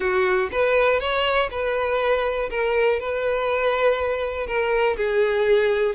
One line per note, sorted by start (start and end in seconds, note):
0.00 0.49 F#4
0.51 1.00 B4
1.00 1.49 C#5
1.50 2.49 B4
2.50 2.99 A#4
2.99 4.46 B4
4.46 4.96 A#4
4.97 5.95 G#4